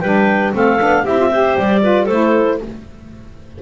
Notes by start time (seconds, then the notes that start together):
0.00 G3 D4 B4 G5
0.53 A3 C4 A4 F5
0.79 B3 D4
1.04 C4 E4 G4 E5
1.18 F4
1.30 G4 C5
1.58 G3 D5
1.81 F4 B4
2.04 A3 E4 A4 C5